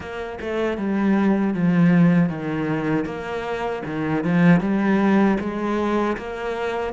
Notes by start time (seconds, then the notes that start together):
0.00 A#3
0.40 A3
0.77 G3
1.54 F3
2.29 D#3
3.05 A#3
3.85 D#3
4.23 F3
4.60 G3
5.40 G#3
6.17 A#3